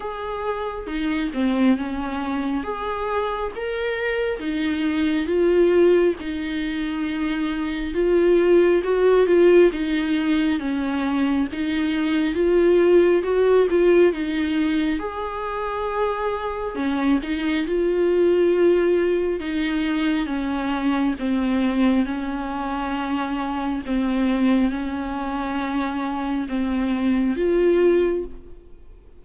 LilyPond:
\new Staff \with { instrumentName = "viola" } { \time 4/4 \tempo 4 = 68 gis'4 dis'8 c'8 cis'4 gis'4 | ais'4 dis'4 f'4 dis'4~ | dis'4 f'4 fis'8 f'8 dis'4 | cis'4 dis'4 f'4 fis'8 f'8 |
dis'4 gis'2 cis'8 dis'8 | f'2 dis'4 cis'4 | c'4 cis'2 c'4 | cis'2 c'4 f'4 | }